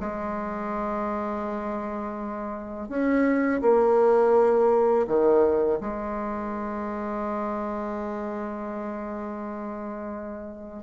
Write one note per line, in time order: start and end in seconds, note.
0.00 2.89 G#3
2.89 3.61 C#4
3.62 5.06 A#3
5.07 5.80 D#3
5.80 10.83 G#3